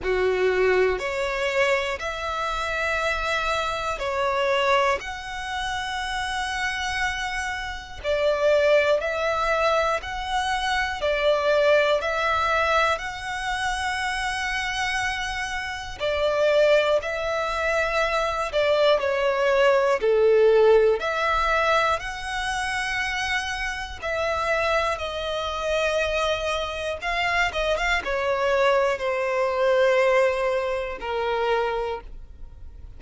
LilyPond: \new Staff \with { instrumentName = "violin" } { \time 4/4 \tempo 4 = 60 fis'4 cis''4 e''2 | cis''4 fis''2. | d''4 e''4 fis''4 d''4 | e''4 fis''2. |
d''4 e''4. d''8 cis''4 | a'4 e''4 fis''2 | e''4 dis''2 f''8 dis''16 f''16 | cis''4 c''2 ais'4 | }